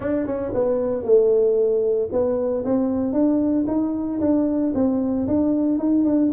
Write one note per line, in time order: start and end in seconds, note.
0.00 0.26 D4
0.26 0.52 C#4
0.54 1.03 B3
1.03 2.09 A3
2.11 2.64 B3
2.65 3.12 C4
3.12 3.65 D4
3.67 4.20 D#4
4.20 4.72 D4
4.74 5.27 C4
5.27 5.78 D4
5.78 6.05 D#4
6.05 6.31 D4